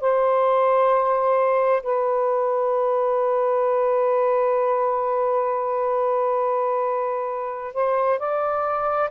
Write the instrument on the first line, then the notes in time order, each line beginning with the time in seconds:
saxophone
0.00 C5
1.83 B4
7.74 C5
8.19 D5